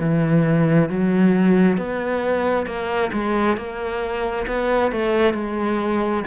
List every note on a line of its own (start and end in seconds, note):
0.00 0.90 E3
0.90 1.78 F#3
1.78 2.67 B3
2.67 3.11 A#3
3.13 3.57 G#3
3.57 4.47 A#3
4.47 4.92 B3
4.92 5.34 A3
5.34 6.24 G#3